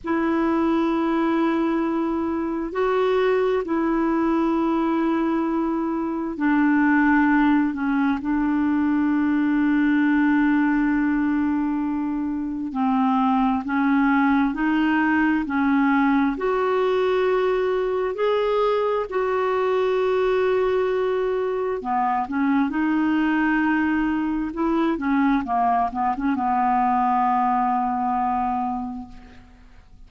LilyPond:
\new Staff \with { instrumentName = "clarinet" } { \time 4/4 \tempo 4 = 66 e'2. fis'4 | e'2. d'4~ | d'8 cis'8 d'2.~ | d'2 c'4 cis'4 |
dis'4 cis'4 fis'2 | gis'4 fis'2. | b8 cis'8 dis'2 e'8 cis'8 | ais8 b16 cis'16 b2. | }